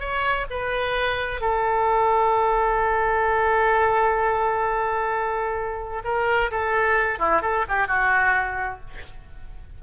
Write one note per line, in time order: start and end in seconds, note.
0.00 0.46 C#5
0.51 1.41 B4
1.41 6.03 A4
6.04 6.51 A#4
6.51 7.19 A4
7.19 7.42 E4
7.42 7.65 A4
7.69 7.88 G4
7.88 8.80 F#4